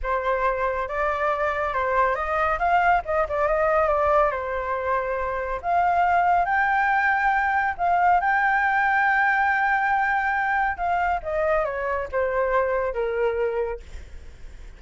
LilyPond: \new Staff \with { instrumentName = "flute" } { \time 4/4 \tempo 4 = 139 c''2 d''2 | c''4 dis''4 f''4 dis''8 d''8 | dis''4 d''4 c''2~ | c''4 f''2 g''4~ |
g''2 f''4 g''4~ | g''1~ | g''4 f''4 dis''4 cis''4 | c''2 ais'2 | }